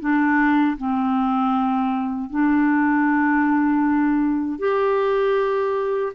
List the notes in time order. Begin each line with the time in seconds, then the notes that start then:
0.00 D4
0.78 C4
2.30 D4
4.59 G4